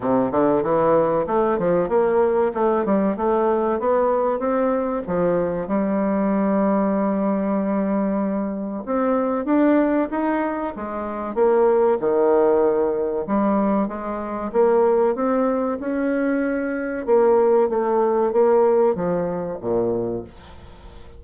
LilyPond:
\new Staff \with { instrumentName = "bassoon" } { \time 4/4 \tempo 4 = 95 c8 d8 e4 a8 f8 ais4 | a8 g8 a4 b4 c'4 | f4 g2.~ | g2 c'4 d'4 |
dis'4 gis4 ais4 dis4~ | dis4 g4 gis4 ais4 | c'4 cis'2 ais4 | a4 ais4 f4 ais,4 | }